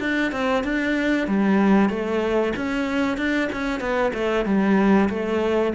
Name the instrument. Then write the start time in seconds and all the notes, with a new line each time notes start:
cello
0.00 D4
0.32 C4
0.64 D4
1.27 G3
1.89 A3
2.56 C#4
3.17 D4
3.52 C#4
3.80 B3
4.14 A3
4.45 G3
5.09 A3